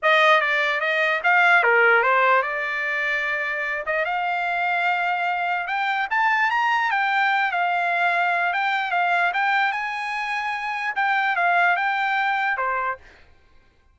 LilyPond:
\new Staff \with { instrumentName = "trumpet" } { \time 4/4 \tempo 4 = 148 dis''4 d''4 dis''4 f''4 | ais'4 c''4 d''2~ | d''4. dis''8 f''2~ | f''2 g''4 a''4 |
ais''4 g''4. f''4.~ | f''4 g''4 f''4 g''4 | gis''2. g''4 | f''4 g''2 c''4 | }